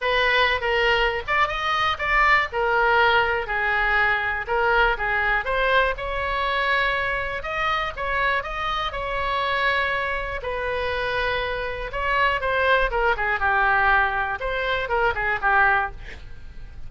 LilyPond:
\new Staff \with { instrumentName = "oboe" } { \time 4/4 \tempo 4 = 121 b'4~ b'16 ais'4~ ais'16 d''8 dis''4 | d''4 ais'2 gis'4~ | gis'4 ais'4 gis'4 c''4 | cis''2. dis''4 |
cis''4 dis''4 cis''2~ | cis''4 b'2. | cis''4 c''4 ais'8 gis'8 g'4~ | g'4 c''4 ais'8 gis'8 g'4 | }